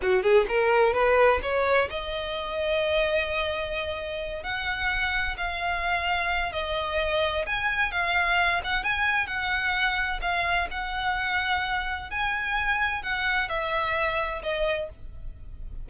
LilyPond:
\new Staff \with { instrumentName = "violin" } { \time 4/4 \tempo 4 = 129 fis'8 gis'8 ais'4 b'4 cis''4 | dis''1~ | dis''4. fis''2 f''8~ | f''2 dis''2 |
gis''4 f''4. fis''8 gis''4 | fis''2 f''4 fis''4~ | fis''2 gis''2 | fis''4 e''2 dis''4 | }